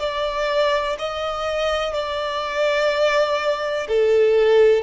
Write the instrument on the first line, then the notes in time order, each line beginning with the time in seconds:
violin
0.00 D5
0.99 D#5
1.94 D5
3.88 A4